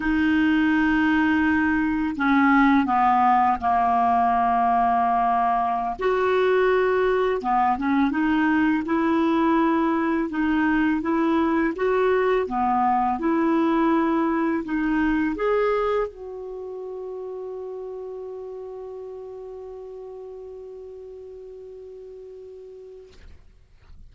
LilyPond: \new Staff \with { instrumentName = "clarinet" } { \time 4/4 \tempo 4 = 83 dis'2. cis'4 | b4 ais2.~ | ais16 fis'2 b8 cis'8 dis'8.~ | dis'16 e'2 dis'4 e'8.~ |
e'16 fis'4 b4 e'4.~ e'16~ | e'16 dis'4 gis'4 fis'4.~ fis'16~ | fis'1~ | fis'1 | }